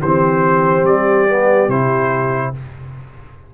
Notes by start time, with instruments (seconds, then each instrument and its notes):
0.00 tuba E3, trombone C4, horn G4, trumpet C5
0.84 tuba G3, trumpet D5
1.28 trombone B3
1.68 tuba C3, trombone E4, trumpet C5